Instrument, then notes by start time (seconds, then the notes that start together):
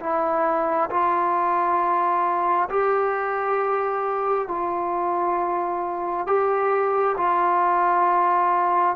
trombone
0.00 E4
0.90 F4
2.69 G4
4.48 F4
6.26 G4
7.17 F4